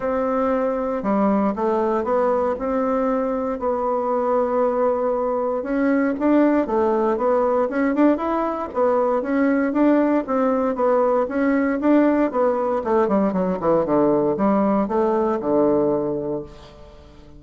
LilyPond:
\new Staff \with { instrumentName = "bassoon" } { \time 4/4 \tempo 4 = 117 c'2 g4 a4 | b4 c'2 b4~ | b2. cis'4 | d'4 a4 b4 cis'8 d'8 |
e'4 b4 cis'4 d'4 | c'4 b4 cis'4 d'4 | b4 a8 g8 fis8 e8 d4 | g4 a4 d2 | }